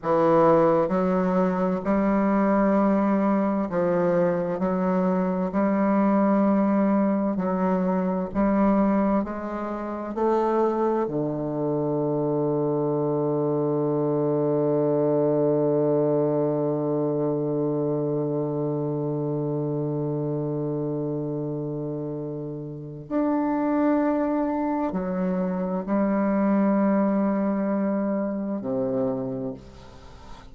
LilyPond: \new Staff \with { instrumentName = "bassoon" } { \time 4/4 \tempo 4 = 65 e4 fis4 g2 | f4 fis4 g2 | fis4 g4 gis4 a4 | d1~ |
d1~ | d1~ | d4 d'2 fis4 | g2. c4 | }